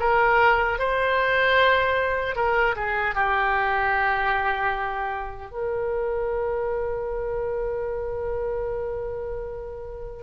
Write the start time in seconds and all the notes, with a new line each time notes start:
0.00 A#4
0.79 C5
2.36 A#4
2.76 G#4
3.15 G4
5.52 A#4